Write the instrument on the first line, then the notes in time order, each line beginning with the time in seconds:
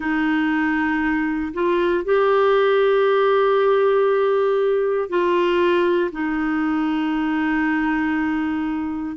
clarinet
0.00 D#4
1.53 F4
2.04 G4
5.09 F4
6.12 D#4